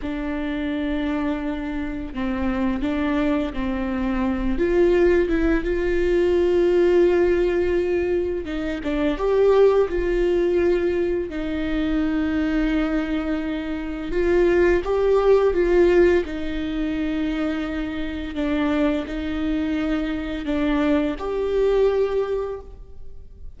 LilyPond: \new Staff \with { instrumentName = "viola" } { \time 4/4 \tempo 4 = 85 d'2. c'4 | d'4 c'4. f'4 e'8 | f'1 | dis'8 d'8 g'4 f'2 |
dis'1 | f'4 g'4 f'4 dis'4~ | dis'2 d'4 dis'4~ | dis'4 d'4 g'2 | }